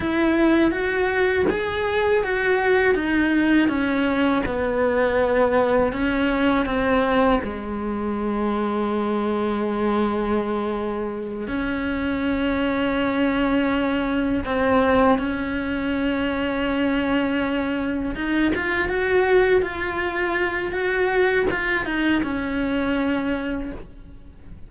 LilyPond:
\new Staff \with { instrumentName = "cello" } { \time 4/4 \tempo 4 = 81 e'4 fis'4 gis'4 fis'4 | dis'4 cis'4 b2 | cis'4 c'4 gis2~ | gis2.~ gis8 cis'8~ |
cis'2.~ cis'8 c'8~ | c'8 cis'2.~ cis'8~ | cis'8 dis'8 f'8 fis'4 f'4. | fis'4 f'8 dis'8 cis'2 | }